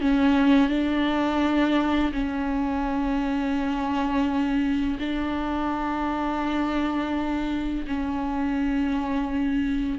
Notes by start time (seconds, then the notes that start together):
0.00 C#4
0.69 D4
2.12 C#4
4.99 D4
7.86 C#4